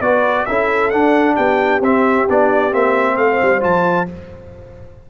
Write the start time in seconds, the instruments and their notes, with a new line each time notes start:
0.00 tuba B3, trombone F#4, horn B4, trumpet D5
0.45 tuba C#4, trombone E4, horn A4, trumpet E5
0.90 trombone D4, tuba D4, trumpet F#5
1.35 tuba B3, horn G4, trumpet G5
1.80 tuba C4, trombone C4, trumpet E5
2.29 tuba B3, trombone D4, trumpet D5
2.71 tuba A#3, trombone C4, trumpet E5
3.17 tuba A3, horn C5, trumpet F5
3.42 tuba G3
3.60 tuba F3, trombone F4, trumpet A5